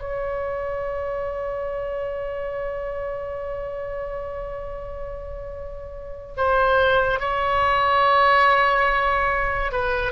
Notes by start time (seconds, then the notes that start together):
0.00 C#5
6.37 C5
7.19 C#5
9.72 B4